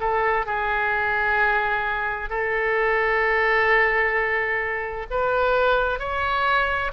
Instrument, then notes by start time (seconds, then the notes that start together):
oboe
0.00 A4
0.46 G#4
2.30 A4
5.10 B4
6.00 C#5